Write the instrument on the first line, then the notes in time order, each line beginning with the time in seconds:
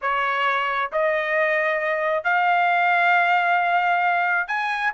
trumpet
0.01 C#5
0.91 D#5
2.24 F5
4.47 G#5